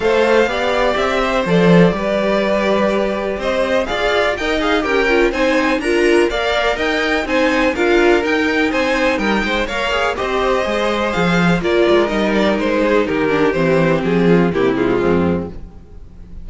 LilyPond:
<<
  \new Staff \with { instrumentName = "violin" } { \time 4/4 \tempo 4 = 124 f''2 e''4 d''4~ | d''2. dis''4 | f''4 g''8 f''8 g''4 gis''4 | ais''4 f''4 g''4 gis''4 |
f''4 g''4 gis''4 g''4 | f''4 dis''2 f''4 | d''4 dis''8 d''8 c''4 ais'4 | c''4 gis'4 g'8 f'4. | }
  \new Staff \with { instrumentName = "violin" } { \time 4/4 c''4 d''4. c''4. | b'2. c''4 | d''4 dis''4 ais'4 c''4 | ais'4 d''4 dis''4 c''4 |
ais'2 c''4 ais'8 c''8 | cis''4 c''2. | ais'2~ ais'8 gis'8 g'4~ | g'4. f'8 e'4 c'4 | }
  \new Staff \with { instrumentName = "viola" } { \time 4/4 a'4 g'2 a'4 | g'1 | gis'4 ais'8 gis'8 g'8 f'8 dis'4 | f'4 ais'2 dis'4 |
f'4 dis'2. | ais'8 gis'8 g'4 gis'2 | f'4 dis'2~ dis'8 d'8 | c'2 ais8 gis4. | }
  \new Staff \with { instrumentName = "cello" } { \time 4/4 a4 b4 c'4 f4 | g2. c'4 | f'4 dis'4 cis'4 c'4 | d'4 ais4 dis'4 c'4 |
d'4 dis'4 c'4 g8 gis8 | ais4 c'4 gis4 f4 | ais8 gis8 g4 gis4 dis4 | e4 f4 c4 f,4 | }
>>